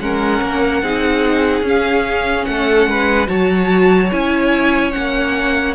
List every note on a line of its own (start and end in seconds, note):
0.00 0.41 G#3
0.00 0.84 C#4
0.00 0.83 A#4
0.00 1.65 F#5
0.42 0.83 A#3
0.83 1.62 C4
0.83 1.64 D#4
0.83 2.48 G#4
1.62 2.44 C#4
1.62 3.28 C#4
1.69 2.45 F5
2.45 2.87 A3
2.45 2.89 A4
2.45 3.27 F#5
2.87 3.28 G#3
2.87 3.29 B4
3.28 4.11 F#3
3.28 4.10 F#4
3.28 5.76 C#5
3.28 4.11 A5
4.12 4.95 C#4
4.12 4.92 E4
4.12 4.92 G#5
4.92 5.76 A#3
4.92 5.75 C#4
4.92 5.74 F#5